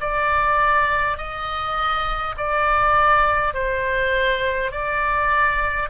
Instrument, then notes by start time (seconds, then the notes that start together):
oboe
0.00 D5
1.17 D#5
2.37 D5
3.54 C5
4.71 D5